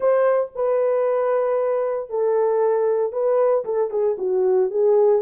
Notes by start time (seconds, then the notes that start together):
0.00 C5
0.55 B4
2.09 A4
3.12 B4
3.64 A4
3.90 G#4
4.18 F#4
4.70 G#4